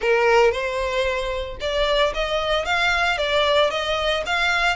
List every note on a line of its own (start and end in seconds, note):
0.01 0.51 A#4
0.51 1.57 C5
1.60 2.13 D5
2.14 2.65 D#5
2.65 3.17 F5
3.17 3.70 D5
3.70 4.23 D#5
4.26 4.76 F5